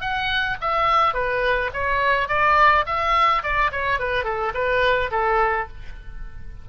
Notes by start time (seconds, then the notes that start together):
0.00 F#5
0.61 E5
1.13 B4
1.73 C#5
2.28 D5
2.86 E5
3.42 D5
3.72 C#5
3.99 B4
4.24 A4
4.54 B4
5.11 A4